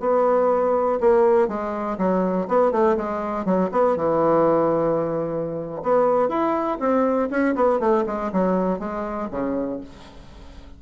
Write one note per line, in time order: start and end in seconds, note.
0.00 0.99 B3
1.01 1.48 A#3
1.48 1.98 G#3
1.98 2.48 F#3
2.48 2.72 B3
2.72 2.96 A3
2.97 3.45 G#3
3.45 3.70 F#3
3.71 3.96 B3
3.96 5.82 E3
5.83 6.29 B3
6.29 6.78 E4
6.80 7.29 C4
7.30 7.55 C#4
7.55 7.80 B3
7.80 8.04 A3
8.06 8.31 G#3
8.32 8.79 F#3
8.79 9.29 G#3
9.31 9.80 C#3